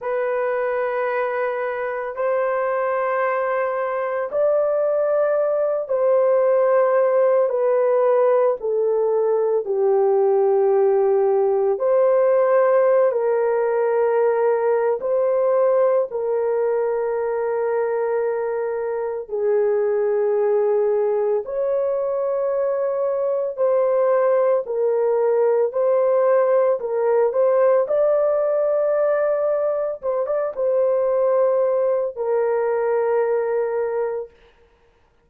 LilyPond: \new Staff \with { instrumentName = "horn" } { \time 4/4 \tempo 4 = 56 b'2 c''2 | d''4. c''4. b'4 | a'4 g'2 c''4~ | c''16 ais'4.~ ais'16 c''4 ais'4~ |
ais'2 gis'2 | cis''2 c''4 ais'4 | c''4 ais'8 c''8 d''2 | c''16 d''16 c''4. ais'2 | }